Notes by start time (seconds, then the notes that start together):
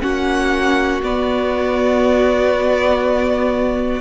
0.00 A#3 C#4 F#4 F#5
1.02 B3 D5